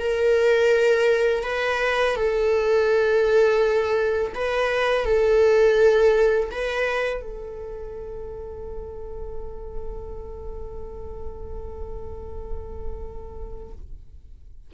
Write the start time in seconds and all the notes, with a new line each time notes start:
0.00 A#4
1.44 B4
2.16 A4
4.35 B4
5.05 A4
6.51 B4
7.22 A4